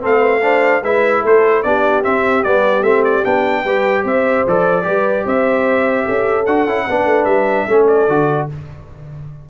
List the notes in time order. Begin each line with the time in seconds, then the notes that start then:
0.00 A3 C4 A4 F5
0.18 B4
0.41 D4 C5
0.82 G#3 E4 B4 E5
1.22 A3 A4 C5
1.62 B3 D4 G4 D5
2.02 C4 E5
2.43 G3 B3 D5
2.81 A3 C4 E5
3.04 D5
3.24 B3 D4 G5
3.64 G3 G4 B4
4.03 C4 C5 E5
4.46 F3 A4 D5
4.82 G3 G4 B4
5.25 C4 C5 E5
6.05 C#4 A4
6.45 D4 F#4 F#5
6.66 C#4 E4
6.87 B3 D4 B4
7.05 A3
7.24 G3 E5
7.67 A3 C#4 A4
7.87 D5
8.08 D3 F#4